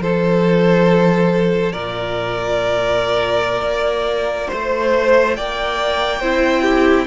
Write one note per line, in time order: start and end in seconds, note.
0.00 1.73 F3
0.00 6.21 F4
0.00 1.72 A4
0.00 1.72 C5
1.72 3.62 A#2
1.72 4.51 A#4
1.72 4.48 D5
3.62 4.47 A#3
4.48 5.37 A3
4.48 5.34 C5
4.48 5.37 C5
5.36 6.21 A#3
5.36 6.20 D5
5.36 7.07 G5
6.20 7.07 C4
6.20 7.07 E4
6.20 6.62 C5
6.62 7.05 G4